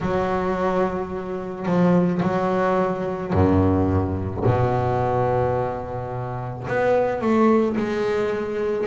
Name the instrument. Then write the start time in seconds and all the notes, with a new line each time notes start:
double bass
0.00 F#3
1.65 F3
2.22 F#3
3.33 F#2
4.45 B2
6.67 B3
7.21 A3
7.76 G#3